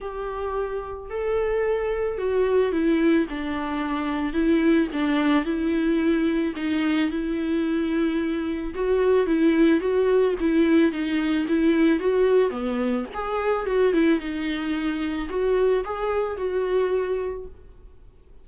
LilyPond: \new Staff \with { instrumentName = "viola" } { \time 4/4 \tempo 4 = 110 g'2 a'2 | fis'4 e'4 d'2 | e'4 d'4 e'2 | dis'4 e'2. |
fis'4 e'4 fis'4 e'4 | dis'4 e'4 fis'4 b4 | gis'4 fis'8 e'8 dis'2 | fis'4 gis'4 fis'2 | }